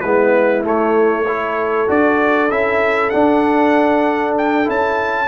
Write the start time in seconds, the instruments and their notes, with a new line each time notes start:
0.00 tuba G#3, trombone B3, horn E4, trumpet B4
0.63 trombone A3, tuba A3, trumpet C#5
1.27 trombone E4, horn A4
1.87 tuba D4, trombone F#4, trumpet D5
2.50 tuba C#4, trombone E4, trumpet E5
3.09 trombone D4, tuba D4, trumpet F#5
4.38 trumpet G5
4.64 tuba C#4, trombone E4, trumpet A5